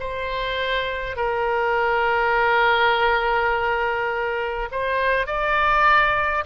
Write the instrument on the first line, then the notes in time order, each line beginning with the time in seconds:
oboe
0.00 C5
1.16 A#4
4.71 C5
5.26 D5